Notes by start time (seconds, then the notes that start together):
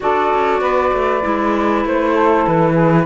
0.00 D4 F#4 A4 D5
0.33 C#4
0.60 B3 B4
0.93 A3
1.22 G#3 E4
1.84 A3 C5
2.14 A4
2.46 E3 B4
2.72 G#4